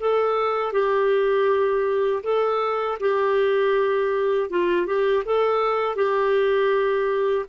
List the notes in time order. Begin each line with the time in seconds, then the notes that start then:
0.00 A4
0.72 G4
2.23 A4
3.00 G4
4.50 F4
4.86 G4
5.25 A4
5.96 G4